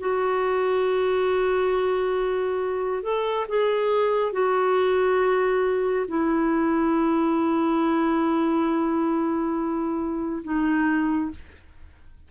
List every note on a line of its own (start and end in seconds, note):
0.00 3.03 F#4
3.03 3.47 A4
3.49 4.32 G#4
4.32 6.06 F#4
6.08 10.43 E4
10.44 11.31 D#4